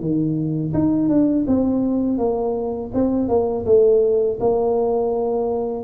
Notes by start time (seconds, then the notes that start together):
0.00 D#3
0.74 D#4
1.09 D4
1.47 C4
2.18 A#3
2.94 C4
3.29 A#3
3.66 A3
4.40 A#3